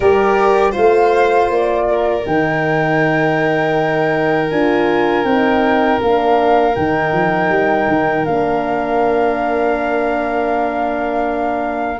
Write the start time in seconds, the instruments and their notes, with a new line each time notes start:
0.00 tuba G3, horn G4, violin A#4, flute D5
0.71 tuba A3, horn F4, violin C5, flute F5
1.49 tuba A#3, flute D5
1.90 violin A#4
2.24 tuba D#3, horn D#4, flute G5
4.50 tuba D4, horn F4, flute G#5
5.24 tuba C4, horn D#4, flute G5
6.01 tuba A#3, horn D4, flute F5
6.74 tuba D#3, horn D#4, flute G5
7.12 tuba F3
7.49 tuba G3
7.88 tuba D#3
8.25 tuba A#3, horn D4, flute F5